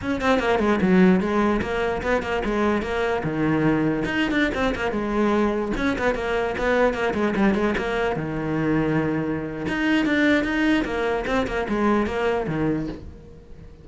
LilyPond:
\new Staff \with { instrumentName = "cello" } { \time 4/4 \tempo 4 = 149 cis'8 c'8 ais8 gis8 fis4 gis4 | ais4 b8 ais8 gis4 ais4 | dis2 dis'8. d'8 c'8 ais16~ | ais16 gis2 cis'8 b8 ais8.~ |
ais16 b4 ais8 gis8 g8 gis8 ais8.~ | ais16 dis2.~ dis8. | dis'4 d'4 dis'4 ais4 | c'8 ais8 gis4 ais4 dis4 | }